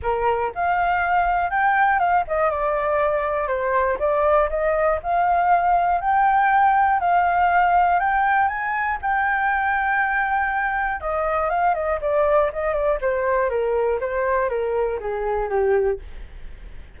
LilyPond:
\new Staff \with { instrumentName = "flute" } { \time 4/4 \tempo 4 = 120 ais'4 f''2 g''4 | f''8 dis''8 d''2 c''4 | d''4 dis''4 f''2 | g''2 f''2 |
g''4 gis''4 g''2~ | g''2 dis''4 f''8 dis''8 | d''4 dis''8 d''8 c''4 ais'4 | c''4 ais'4 gis'4 g'4 | }